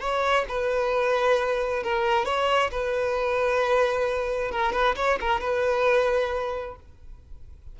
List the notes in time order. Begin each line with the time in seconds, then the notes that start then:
0.00 C#5
0.48 B4
1.83 A#4
2.25 C#5
2.71 B4
4.51 A#4
4.72 B4
4.96 C#5
5.20 A#4
5.40 B4